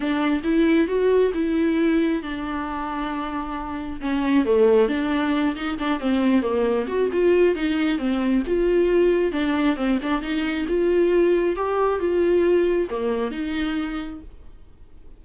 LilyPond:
\new Staff \with { instrumentName = "viola" } { \time 4/4 \tempo 4 = 135 d'4 e'4 fis'4 e'4~ | e'4 d'2.~ | d'4 cis'4 a4 d'4~ | d'8 dis'8 d'8 c'4 ais4 fis'8 |
f'4 dis'4 c'4 f'4~ | f'4 d'4 c'8 d'8 dis'4 | f'2 g'4 f'4~ | f'4 ais4 dis'2 | }